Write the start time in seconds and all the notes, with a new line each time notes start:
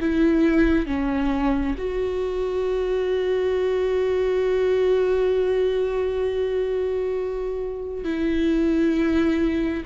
0.00 E4
0.86 C#4
1.78 F#4
8.04 E4